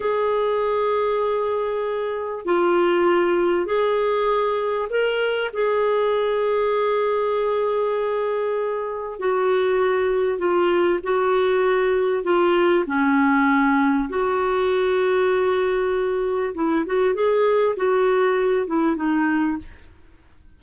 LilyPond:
\new Staff \with { instrumentName = "clarinet" } { \time 4/4 \tempo 4 = 98 gis'1 | f'2 gis'2 | ais'4 gis'2.~ | gis'2. fis'4~ |
fis'4 f'4 fis'2 | f'4 cis'2 fis'4~ | fis'2. e'8 fis'8 | gis'4 fis'4. e'8 dis'4 | }